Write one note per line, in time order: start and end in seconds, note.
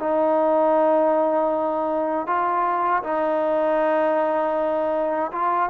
0.00 2.27 D#4
2.27 3.03 F4
3.04 5.32 D#4
5.32 5.70 F4